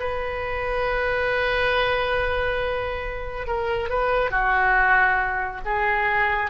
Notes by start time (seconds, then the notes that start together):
0.00 B4
3.47 A#4
3.89 B4
4.30 F#4
5.65 G#4